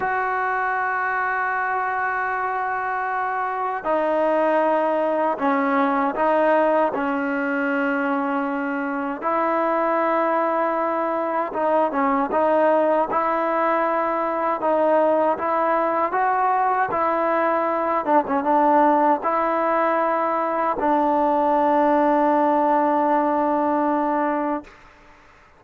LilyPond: \new Staff \with { instrumentName = "trombone" } { \time 4/4 \tempo 4 = 78 fis'1~ | fis'4 dis'2 cis'4 | dis'4 cis'2. | e'2. dis'8 cis'8 |
dis'4 e'2 dis'4 | e'4 fis'4 e'4. d'16 cis'16 | d'4 e'2 d'4~ | d'1 | }